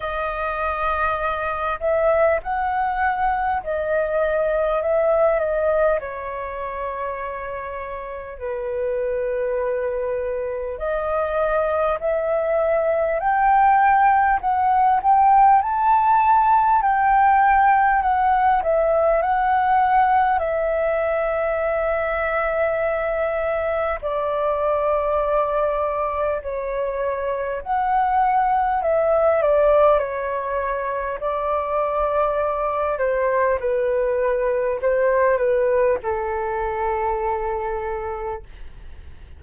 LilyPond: \new Staff \with { instrumentName = "flute" } { \time 4/4 \tempo 4 = 50 dis''4. e''8 fis''4 dis''4 | e''8 dis''8 cis''2 b'4~ | b'4 dis''4 e''4 g''4 | fis''8 g''8 a''4 g''4 fis''8 e''8 |
fis''4 e''2. | d''2 cis''4 fis''4 | e''8 d''8 cis''4 d''4. c''8 | b'4 c''8 b'8 a'2 | }